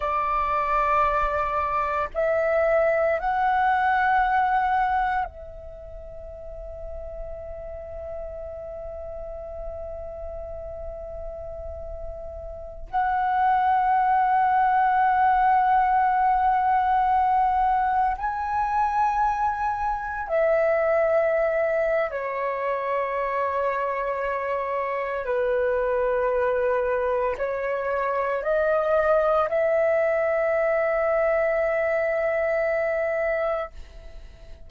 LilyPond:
\new Staff \with { instrumentName = "flute" } { \time 4/4 \tempo 4 = 57 d''2 e''4 fis''4~ | fis''4 e''2.~ | e''1~ | e''16 fis''2.~ fis''8.~ |
fis''4~ fis''16 gis''2 e''8.~ | e''4 cis''2. | b'2 cis''4 dis''4 | e''1 | }